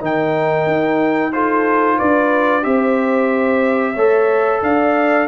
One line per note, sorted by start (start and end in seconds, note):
0.00 0.66 D#3
0.00 1.32 D#4
0.00 1.32 A#4
0.00 1.33 G5
0.66 1.98 D#4
1.33 2.63 F4
1.33 1.98 A4
1.33 1.99 C5
1.98 2.65 D4
1.98 2.64 B4
1.98 2.64 D5
2.63 3.96 C4
2.63 3.95 G4
2.63 3.94 C5
2.63 4.62 E5
3.94 4.62 A3
3.94 5.28 A4
3.94 4.60 C#5
4.62 5.28 D4
4.62 5.28 D5
4.62 5.28 F5